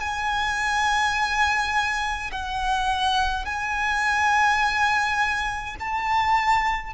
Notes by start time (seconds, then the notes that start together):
0.00 G#5
2.31 F#5
3.45 G#5
5.80 A5